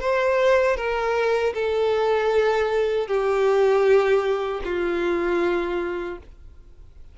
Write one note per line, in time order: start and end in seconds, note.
0.00 0.77 C5
0.77 1.53 A#4
1.54 3.07 A4
3.07 4.61 G4
4.64 6.18 F4